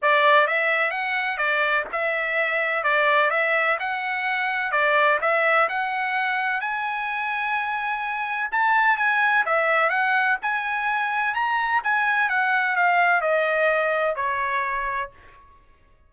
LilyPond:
\new Staff \with { instrumentName = "trumpet" } { \time 4/4 \tempo 4 = 127 d''4 e''4 fis''4 d''4 | e''2 d''4 e''4 | fis''2 d''4 e''4 | fis''2 gis''2~ |
gis''2 a''4 gis''4 | e''4 fis''4 gis''2 | ais''4 gis''4 fis''4 f''4 | dis''2 cis''2 | }